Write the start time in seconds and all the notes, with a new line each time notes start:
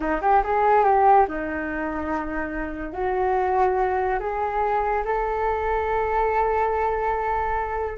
0.00 D#4
0.21 G4
0.43 G#4
0.84 G4
1.28 D#4
2.93 F#4
4.19 G#4
5.04 A4